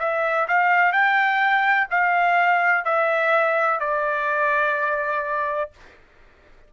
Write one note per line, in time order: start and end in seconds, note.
0.00 0.48 E5
0.48 0.93 F5
0.93 1.88 G5
1.91 2.85 F5
2.85 3.81 E5
3.81 5.71 D5